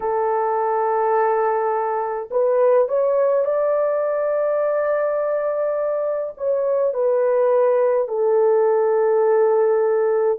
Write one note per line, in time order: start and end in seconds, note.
0.00 2.29 A4
2.30 2.88 B4
2.88 3.45 C#5
3.45 6.33 D5
6.37 6.93 C#5
6.93 8.08 B4
8.08 10.38 A4